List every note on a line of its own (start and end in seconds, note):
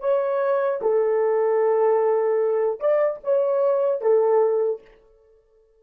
0.00 0.80 C#5
0.81 2.80 A4
2.80 3.20 D5
3.23 4.01 C#5
4.01 4.81 A4